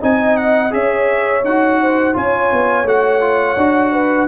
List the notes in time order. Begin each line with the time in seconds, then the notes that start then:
0.00 C4 D#4 D#5 G#5
0.36 F#5
0.70 C#4 G#4 C#5 E5
1.44 D#4 F#4 F#5
1.81 C5
2.13 C#4 F4 C#5 G#5
2.52 B3
2.84 A3 F#4 F#5
3.21 F4
3.56 D4 F#4
3.92 B4